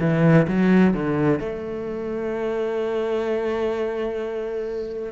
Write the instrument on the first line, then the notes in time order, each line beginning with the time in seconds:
cello
0.00 E3
0.48 F#3
0.93 D3
1.40 A3